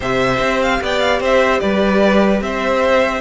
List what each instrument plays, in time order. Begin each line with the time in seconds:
0.00 cello C3, viola G4, violin C5 E5
0.39 cello C4
0.62 violin F5
0.81 cello B3, violin D5 G5
0.99 violin F5
1.20 cello C4, violin C5 E5
1.59 cello G3, violin B4 D5
2.41 cello C4, violin C5 E5